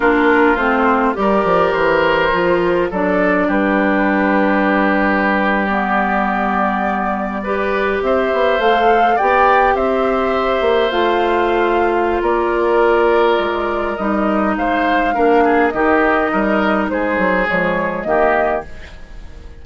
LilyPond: <<
  \new Staff \with { instrumentName = "flute" } { \time 4/4 \tempo 4 = 103 ais'4 c''4 d''4 c''4~ | c''4 d''4 b'2~ | b'4.~ b'16 d''2~ d''16~ | d''4.~ d''16 e''4 f''4 g''16~ |
g''8. e''2 f''4~ f''16~ | f''4 d''2. | dis''4 f''2 dis''4~ | dis''4 c''4 cis''4 dis''4 | }
  \new Staff \with { instrumentName = "oboe" } { \time 4/4 f'2 ais'2~ | ais'4 a'4 g'2~ | g'1~ | g'8. b'4 c''2 d''16~ |
d''8. c''2.~ c''16~ | c''4 ais'2.~ | ais'4 c''4 ais'8 gis'8 g'4 | ais'4 gis'2 g'4 | }
  \new Staff \with { instrumentName = "clarinet" } { \time 4/4 d'4 c'4 g'2 | f'4 d'2.~ | d'4.~ d'16 b2~ b16~ | b8. g'2 a'4 g'16~ |
g'2~ g'8. f'4~ f'16~ | f'1 | dis'2 d'4 dis'4~ | dis'2 gis4 ais4 | }
  \new Staff \with { instrumentName = "bassoon" } { \time 4/4 ais4 a4 g8 f8 e4 | f4 fis4 g2~ | g1~ | g4.~ g16 c'8 b8 a4 b16~ |
b8. c'4. ais8 a4~ a16~ | a4 ais2 gis4 | g4 gis4 ais4 dis4 | g4 gis8 fis8 f4 dis4 | }
>>